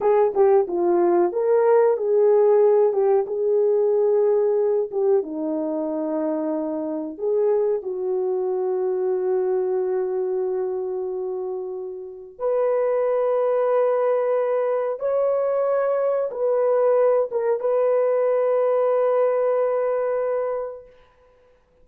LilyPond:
\new Staff \with { instrumentName = "horn" } { \time 4/4 \tempo 4 = 92 gis'8 g'8 f'4 ais'4 gis'4~ | gis'8 g'8 gis'2~ gis'8 g'8 | dis'2. gis'4 | fis'1~ |
fis'2. b'4~ | b'2. cis''4~ | cis''4 b'4. ais'8 b'4~ | b'1 | }